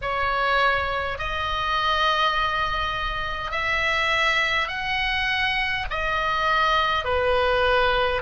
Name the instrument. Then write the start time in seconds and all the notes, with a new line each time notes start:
oboe
0.01 C#5
1.18 D#5
3.51 E5
4.67 F#5
5.90 D#5
7.04 B4